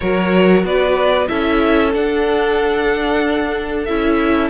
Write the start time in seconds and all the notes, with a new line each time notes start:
0.00 F#3 F#4 A#4 C#5
0.63 B3 B4 D5
1.27 C#4 E4 A4 E5
1.93 D4 F#5
3.84 C#4 E4 E5